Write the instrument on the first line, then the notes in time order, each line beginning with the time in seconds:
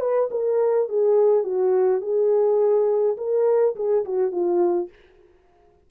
horn
0.00 B4
0.31 A#4
0.89 G#4
1.44 F#4
2.01 G#4
3.17 A#4
3.75 G#4
4.05 F#4
4.31 F4